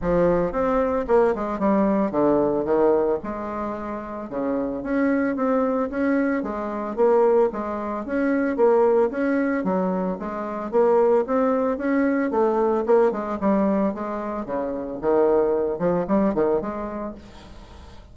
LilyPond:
\new Staff \with { instrumentName = "bassoon" } { \time 4/4 \tempo 4 = 112 f4 c'4 ais8 gis8 g4 | d4 dis4 gis2 | cis4 cis'4 c'4 cis'4 | gis4 ais4 gis4 cis'4 |
ais4 cis'4 fis4 gis4 | ais4 c'4 cis'4 a4 | ais8 gis8 g4 gis4 cis4 | dis4. f8 g8 dis8 gis4 | }